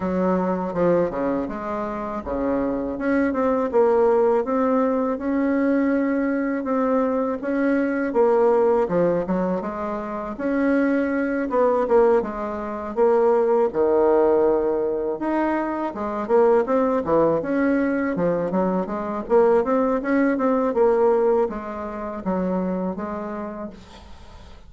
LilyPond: \new Staff \with { instrumentName = "bassoon" } { \time 4/4 \tempo 4 = 81 fis4 f8 cis8 gis4 cis4 | cis'8 c'8 ais4 c'4 cis'4~ | cis'4 c'4 cis'4 ais4 | f8 fis8 gis4 cis'4. b8 |
ais8 gis4 ais4 dis4.~ | dis8 dis'4 gis8 ais8 c'8 e8 cis'8~ | cis'8 f8 fis8 gis8 ais8 c'8 cis'8 c'8 | ais4 gis4 fis4 gis4 | }